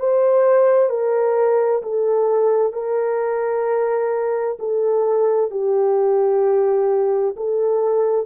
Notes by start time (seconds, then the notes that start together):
0.00 C5
0.90 A#4
1.83 A4
2.73 A#4
4.59 A4
5.51 G4
7.37 A4